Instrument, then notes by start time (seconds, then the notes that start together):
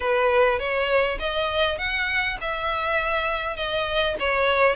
violin
0.00 B4
0.59 C#5
1.19 D#5
1.78 F#5
2.40 E5
3.56 D#5
4.19 C#5